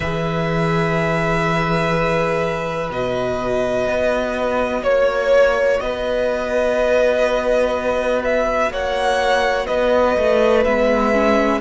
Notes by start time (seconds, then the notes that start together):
0.00 E3 G#4 B4 E5
2.90 B2 F#4 D#5
3.87 B3
4.82 A#3 C#5
5.80 B3 B4 D#5
8.24 E5
8.71 A#3 C#5 F#5
9.66 B3 B4 D#5
10.17 A3
10.64 G#3 B3 E5
11.12 C#4